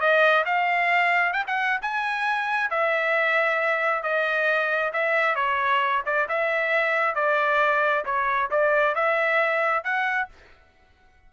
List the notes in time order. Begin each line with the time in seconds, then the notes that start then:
0.00 D#5
0.45 F5
1.33 G5
1.47 F#5
1.82 G#5
2.70 E5
4.03 D#5
4.93 E5
5.35 C#5
6.06 D5
6.28 E5
7.15 D5
8.05 C#5
8.51 D5
8.95 E5
9.84 F#5